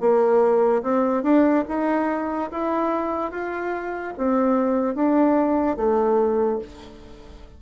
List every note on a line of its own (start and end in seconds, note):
0.00 0.82 A#3
0.83 1.23 C4
1.23 1.64 D4
1.68 2.50 D#4
2.51 3.31 E4
3.31 4.13 F4
4.17 4.95 C4
4.95 5.76 D4
5.76 6.59 A3